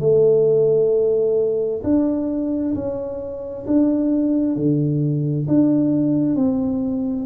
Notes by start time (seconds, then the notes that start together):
0.00 A3
1.83 D4
2.75 C#4
3.67 D4
4.56 D3
5.48 D4
6.36 C4